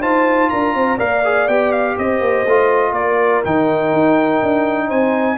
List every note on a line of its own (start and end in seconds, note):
0.00 0.49 D#4
0.00 0.98 F4
0.00 0.50 C5
0.00 0.50 A5
0.50 0.74 D4
0.50 0.75 A#4
0.50 0.99 A#5
0.74 0.99 C4
0.74 0.97 C5
0.97 1.48 A#3
0.97 1.22 A#4
0.97 1.95 D5
0.97 1.48 F5
1.24 1.49 G#4
1.48 1.97 B3
1.48 2.47 G4
1.48 1.72 G5
1.72 1.96 F5
1.98 2.20 C4
1.98 2.92 C5
1.98 2.94 D#5
2.20 2.45 A#3
2.46 2.92 A3
2.46 3.45 F4
2.92 3.41 A#3
2.92 4.87 A#4
2.92 3.43 D5
3.45 3.93 D#3
3.45 5.38 D#4
3.45 4.90 G5
3.93 4.42 D#4
4.43 4.90 D4
4.87 5.38 C4
4.87 5.36 C5
4.87 5.38 G#5